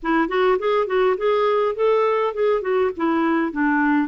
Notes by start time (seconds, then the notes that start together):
0.02 E4
0.28 F#4
0.59 G#4
0.86 F#4
1.17 G#4
1.75 A4
2.34 G#4
2.61 F#4
2.96 E4
3.52 D4